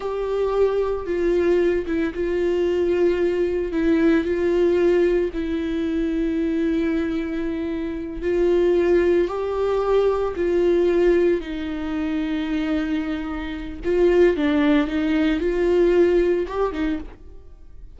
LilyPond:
\new Staff \with { instrumentName = "viola" } { \time 4/4 \tempo 4 = 113 g'2 f'4. e'8 | f'2. e'4 | f'2 e'2~ | e'2.~ e'8 f'8~ |
f'4. g'2 f'8~ | f'4. dis'2~ dis'8~ | dis'2 f'4 d'4 | dis'4 f'2 g'8 dis'8 | }